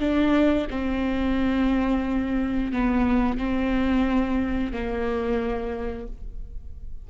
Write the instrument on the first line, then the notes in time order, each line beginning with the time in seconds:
viola
0.00 D4
0.70 C4
2.72 B3
3.38 C4
4.73 A#3